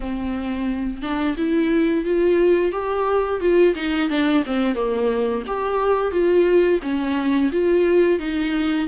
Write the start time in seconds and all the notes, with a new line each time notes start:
0.00 C4
1.01 D4
1.37 E4
2.05 F4
2.72 G4
3.40 F4
3.75 D#4
4.09 D4
4.45 C4
4.74 A#3
5.46 G4
6.11 F4
6.82 C#4
7.52 F4
8.19 D#4